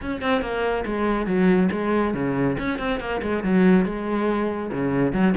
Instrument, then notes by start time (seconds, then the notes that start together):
cello
0.01 C#4
0.21 C4
0.41 A#3
0.85 G#3
1.26 F#3
1.71 G#3
2.14 C#3
2.58 C#4
2.78 C4
3.00 A#3
3.22 G#3
3.43 F#3
3.85 G#3
4.71 C#3
5.12 F#3